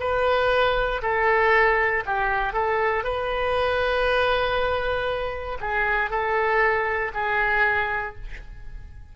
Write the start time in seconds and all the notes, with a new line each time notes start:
0.00 B4
1.02 A4
2.06 G4
2.53 A4
3.04 B4
5.60 G#4
6.10 A4
7.14 G#4